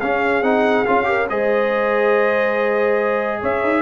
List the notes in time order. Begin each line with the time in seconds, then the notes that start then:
0.00 C#4 G#4 F5
0.42 C4 D#4 F#5
0.85 C#4 F4 F5
1.04 G4 A#4
1.29 G#3 G#4 C5 D#5
3.40 C#4 C#5 E5
3.63 D#4